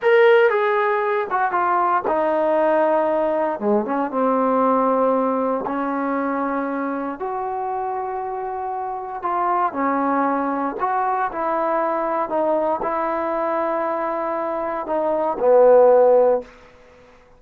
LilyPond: \new Staff \with { instrumentName = "trombone" } { \time 4/4 \tempo 4 = 117 ais'4 gis'4. fis'8 f'4 | dis'2. gis8 cis'8 | c'2. cis'4~ | cis'2 fis'2~ |
fis'2 f'4 cis'4~ | cis'4 fis'4 e'2 | dis'4 e'2.~ | e'4 dis'4 b2 | }